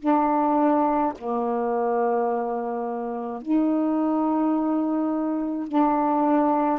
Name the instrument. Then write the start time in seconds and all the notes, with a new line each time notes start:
saxophone
0.00 D4
1.19 A#3
3.42 D#4
5.69 D4